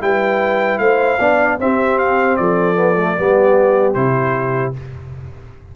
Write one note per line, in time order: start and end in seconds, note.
0.00 0.79 G3
0.00 1.18 E4
0.00 0.81 B4
0.00 0.78 G5
0.78 1.18 A3
0.78 1.19 C5
0.78 1.57 F5
1.19 1.59 B3
1.19 1.59 D4
1.19 1.58 D5
1.59 2.38 C4
1.59 2.75 C4
1.59 2.39 G4
1.59 1.99 E5
1.99 2.36 F5
2.36 3.18 F3
2.36 3.18 A4
2.36 3.93 D5
2.75 2.95 B3
2.97 3.17 A3
3.17 3.95 G3
3.17 3.95 B3
3.17 4.76 G4
3.93 4.74 C3
3.93 4.74 E4
3.93 4.72 C5